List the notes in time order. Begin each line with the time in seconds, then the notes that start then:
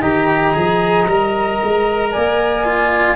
0.00 D#3 G4 D#5 A#5
0.54 F3 G#4
1.07 G3 A#4
1.63 G#3
2.11 A#3 D5 G#5
2.65 F4